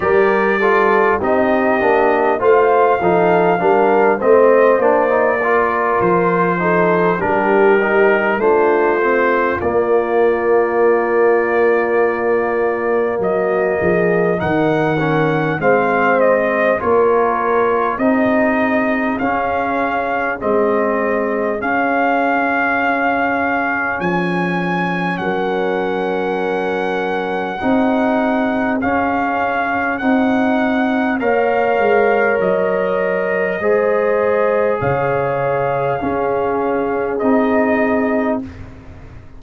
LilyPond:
<<
  \new Staff \with { instrumentName = "trumpet" } { \time 4/4 \tempo 4 = 50 d''4 dis''4 f''4. dis''8 | d''4 c''4 ais'4 c''4 | d''2. dis''4 | fis''4 f''8 dis''8 cis''4 dis''4 |
f''4 dis''4 f''2 | gis''4 fis''2. | f''4 fis''4 f''4 dis''4~ | dis''4 f''2 dis''4 | }
  \new Staff \with { instrumentName = "horn" } { \time 4/4 ais'8 a'8 g'4 c''8 a'8 ais'8 c''8~ | c''8 ais'4 a'8 g'4 f'4~ | f'2. fis'8 gis'8 | ais'4 c''4 ais'4 gis'4~ |
gis'1~ | gis'4 ais'2 gis'4~ | gis'2 cis''2 | c''4 cis''4 gis'2 | }
  \new Staff \with { instrumentName = "trombone" } { \time 4/4 g'8 f'8 dis'8 d'8 f'8 dis'8 d'8 c'8 | d'16 dis'16 f'4 dis'8 d'8 dis'8 d'8 c'8 | ais1 | dis'8 cis'8 c'4 f'4 dis'4 |
cis'4 c'4 cis'2~ | cis'2. dis'4 | cis'4 dis'4 ais'2 | gis'2 cis'4 dis'4 | }
  \new Staff \with { instrumentName = "tuba" } { \time 4/4 g4 c'8 ais8 a8 f8 g8 a8 | ais4 f4 g4 a4 | ais2. fis8 f8 | dis4 gis4 ais4 c'4 |
cis'4 gis4 cis'2 | f4 fis2 c'4 | cis'4 c'4 ais8 gis8 fis4 | gis4 cis4 cis'4 c'4 | }
>>